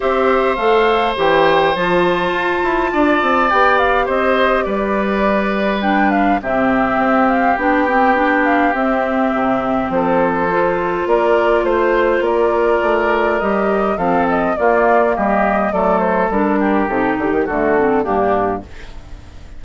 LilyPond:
<<
  \new Staff \with { instrumentName = "flute" } { \time 4/4 \tempo 4 = 103 e''4 f''4 g''4 a''4~ | a''2 g''8 f''8 dis''4 | d''2 g''8 f''8 e''4~ | e''8 f''8 g''4. f''8 e''4~ |
e''4 c''2 d''4 | c''4 d''2 dis''4 | f''8 dis''8 d''4 dis''4 d''8 c''8 | ais'4 a'8 g'8 a'4 g'4 | }
  \new Staff \with { instrumentName = "oboe" } { \time 4/4 c''1~ | c''4 d''2 c''4 | b'2. g'4~ | g'1~ |
g'4 a'2 ais'4 | c''4 ais'2. | a'4 f'4 g'4 a'4~ | a'8 g'4. fis'4 d'4 | }
  \new Staff \with { instrumentName = "clarinet" } { \time 4/4 g'4 a'4 g'4 f'4~ | f'2 g'2~ | g'2 d'4 c'4~ | c'4 d'8 c'8 d'4 c'4~ |
c'2 f'2~ | f'2. g'4 | c'4 ais2 a4 | d'4 dis'4 a8 c'8 ais4 | }
  \new Staff \with { instrumentName = "bassoon" } { \time 4/4 c'4 a4 e4 f4 | f'8 e'8 d'8 c'8 b4 c'4 | g2. c4 | c'4 b2 c'4 |
c4 f2 ais4 | a4 ais4 a4 g4 | f4 ais4 g4 fis4 | g4 c8 d16 dis16 d4 g,4 | }
>>